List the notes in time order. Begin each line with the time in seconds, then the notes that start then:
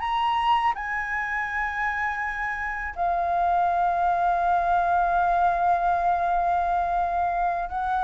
0.00 A#5
0.75 G#5
2.96 F5
7.69 F#5